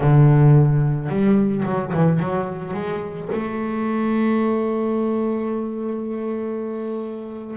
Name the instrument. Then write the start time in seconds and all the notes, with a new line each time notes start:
double bass
0.00 D3
1.08 G3
1.65 F#3
1.93 E3
2.19 F#3
2.73 G#3
3.32 A3